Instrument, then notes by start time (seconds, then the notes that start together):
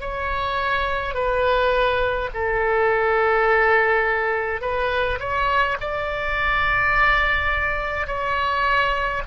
oboe
0.00 C#5
1.14 B4
2.33 A4
4.60 B4
5.19 C#5
5.80 D5
8.06 C#5